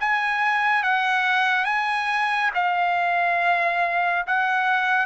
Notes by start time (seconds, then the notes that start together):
0.00 G#5
0.83 F#5
1.65 G#5
2.54 F5
4.27 F#5